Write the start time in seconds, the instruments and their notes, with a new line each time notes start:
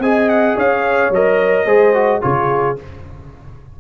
0.00 tuba C4, trombone G#4, horn D#5, trumpet G#5
0.29 trumpet F#5
0.57 tuba C#4, horn C#5, trumpet F5
1.10 tuba F#3, trombone A#4, trumpet D#5
1.66 tuba G#3, trombone G#4, horn C5
1.95 trombone F#4
2.22 tuba C#3, trombone F4, horn G#4, trumpet C#5